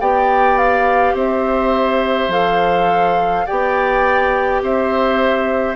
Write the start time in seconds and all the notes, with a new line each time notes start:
0.00 B3 G4 D5 G5
0.58 F5
1.13 C4 C5 E5
2.28 F3 A4 F5
3.46 B3 G4 D5 G5
4.62 C4 C5 E5